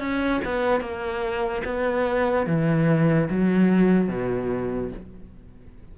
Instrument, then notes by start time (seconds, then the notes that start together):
cello
0.00 C#4
0.45 B3
0.81 A#3
1.65 B3
2.47 E3
3.30 F#3
4.09 B2